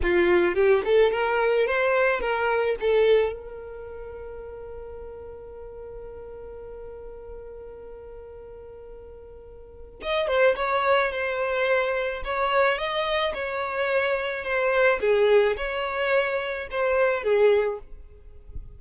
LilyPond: \new Staff \with { instrumentName = "violin" } { \time 4/4 \tempo 4 = 108 f'4 g'8 a'8 ais'4 c''4 | ais'4 a'4 ais'2~ | ais'1~ | ais'1~ |
ais'2 dis''8 c''8 cis''4 | c''2 cis''4 dis''4 | cis''2 c''4 gis'4 | cis''2 c''4 gis'4 | }